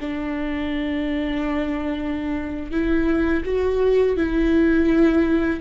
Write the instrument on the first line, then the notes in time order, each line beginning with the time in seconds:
viola
0.00 D4
2.71 E4
3.45 F#4
4.17 E4